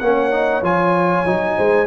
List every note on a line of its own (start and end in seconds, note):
0.00 0.62 A#3
0.00 0.31 C#4
0.00 1.57 C#5
0.00 0.62 F#5
0.31 0.62 D#4
0.62 1.25 F3
0.62 1.26 F4
0.62 1.87 G#5
1.26 1.57 F#3
1.26 1.87 D#4
1.57 1.87 G#3
1.57 1.87 C5